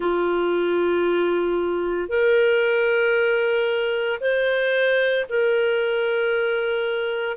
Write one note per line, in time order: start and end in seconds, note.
0.00 2.09 F4
2.09 4.19 A#4
4.20 5.25 C5
5.29 7.37 A#4